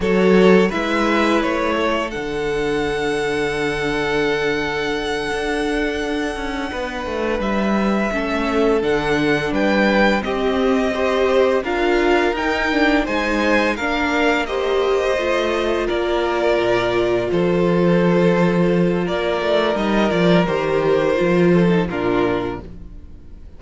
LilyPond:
<<
  \new Staff \with { instrumentName = "violin" } { \time 4/4 \tempo 4 = 85 cis''4 e''4 cis''4 fis''4~ | fis''1~ | fis''2~ fis''8 e''4.~ | e''8 fis''4 g''4 dis''4.~ |
dis''8 f''4 g''4 gis''4 f''8~ | f''8 dis''2 d''4.~ | d''8 c''2~ c''8 d''4 | dis''8 d''8 c''2 ais'4 | }
  \new Staff \with { instrumentName = "violin" } { \time 4/4 a'4 b'4. a'4.~ | a'1~ | a'4. b'2 a'8~ | a'4. b'4 g'4 c''8~ |
c''8 ais'2 c''4 ais'8~ | ais'8 c''2 ais'4.~ | ais'8 a'2~ a'8 ais'4~ | ais'2~ ais'8 a'8 f'4 | }
  \new Staff \with { instrumentName = "viola" } { \time 4/4 fis'4 e'2 d'4~ | d'1~ | d'2.~ d'8 cis'8~ | cis'8 d'2 c'4 g'8~ |
g'8 f'4 dis'8 d'8 dis'4 d'8~ | d'8 g'4 f'2~ f'8~ | f'1 | dis'8 f'8 g'4 f'8. dis'16 d'4 | }
  \new Staff \with { instrumentName = "cello" } { \time 4/4 fis4 gis4 a4 d4~ | d2.~ d8 d'8~ | d'4 cis'8 b8 a8 g4 a8~ | a8 d4 g4 c'4.~ |
c'8 d'4 dis'4 gis4 ais8~ | ais4. a4 ais4 ais,8~ | ais,8 f2~ f8 ais8 a8 | g8 f8 dis4 f4 ais,4 | }
>>